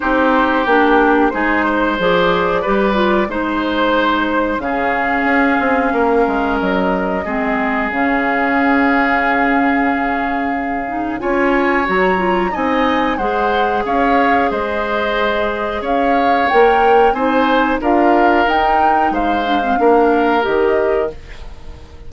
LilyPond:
<<
  \new Staff \with { instrumentName = "flute" } { \time 4/4 \tempo 4 = 91 c''4 g'4 c''4 d''4~ | d''4 c''2 f''4~ | f''2 dis''2 | f''1~ |
f''4 gis''4 ais''4 gis''4 | fis''4 f''4 dis''2 | f''4 g''4 gis''4 f''4 | g''4 f''2 dis''4 | }
  \new Staff \with { instrumentName = "oboe" } { \time 4/4 g'2 gis'8 c''4. | b'4 c''2 gis'4~ | gis'4 ais'2 gis'4~ | gis'1~ |
gis'4 cis''2 dis''4 | c''4 cis''4 c''2 | cis''2 c''4 ais'4~ | ais'4 c''4 ais'2 | }
  \new Staff \with { instrumentName = "clarinet" } { \time 4/4 dis'4 d'4 dis'4 gis'4 | g'8 f'8 dis'2 cis'4~ | cis'2. c'4 | cis'1~ |
cis'8 dis'8 f'4 fis'8 f'8 dis'4 | gis'1~ | gis'4 ais'4 dis'4 f'4 | dis'4. d'16 c'16 d'4 g'4 | }
  \new Staff \with { instrumentName = "bassoon" } { \time 4/4 c'4 ais4 gis4 f4 | g4 gis2 cis4 | cis'8 c'8 ais8 gis8 fis4 gis4 | cis1~ |
cis4 cis'4 fis4 c'4 | gis4 cis'4 gis2 | cis'4 ais4 c'4 d'4 | dis'4 gis4 ais4 dis4 | }
>>